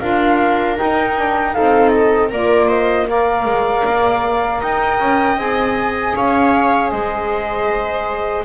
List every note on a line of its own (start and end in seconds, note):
0.00 0.79 D4
0.00 0.75 F4
0.00 1.55 A#4
0.00 0.77 F5
0.75 1.14 D#4
0.75 1.58 D#4
0.75 1.54 G5
1.15 1.54 D4
1.54 2.32 C4
1.54 2.30 D#4
1.54 2.30 A4
1.54 1.90 F5
1.90 2.28 D#5
2.30 3.46 A#3
2.30 3.08 F4
2.30 2.68 A#4
2.30 2.69 D5
2.68 3.06 C5
2.68 3.08 D#5
3.08 5.38 A#4
3.08 4.61 D5
3.08 4.63 F5
3.46 3.84 G#3
3.85 4.62 A#3
4.61 5.00 D#4
4.61 6.15 D#5
4.61 5.39 G5
5.00 5.38 C#4
5.38 6.15 C4
5.38 8.45 G#4
5.38 6.16 G#5
6.16 6.92 C#4
6.16 6.92 C#5
6.16 6.90 F5
6.90 8.45 G#3
6.90 8.45 C5
6.90 8.44 D#5